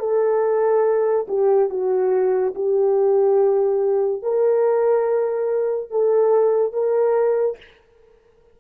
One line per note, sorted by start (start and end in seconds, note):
0.00 1.27 A4
1.28 1.70 G4
1.70 2.54 F#4
2.55 4.23 G4
4.23 5.91 A#4
5.91 6.73 A4
6.73 7.58 A#4